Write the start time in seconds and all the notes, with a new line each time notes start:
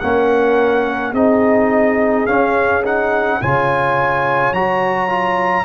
0.00 A#3 C#4 A#4 F#5
1.11 C4 D#4 G#4 D#5
2.26 C#4 F5
2.84 D#4 F#5
3.41 C#3 F4 C#5 G#5
4.52 F#3 F#4 A#5
5.09 F4